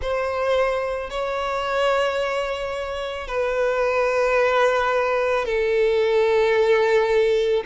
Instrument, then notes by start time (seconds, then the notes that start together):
violin
0.01 C5
1.10 C#5
3.27 B4
5.45 A4